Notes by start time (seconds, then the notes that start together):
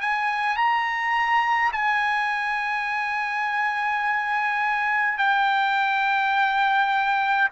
0.00 G#5
0.56 A#5
1.73 G#5
5.18 G5